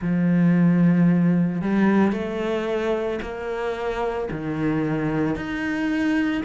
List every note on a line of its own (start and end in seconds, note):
0.01 1.61 F3
1.61 2.12 G3
2.12 3.19 A3
3.21 4.29 A#3
4.31 5.35 D#3
5.35 6.42 D#4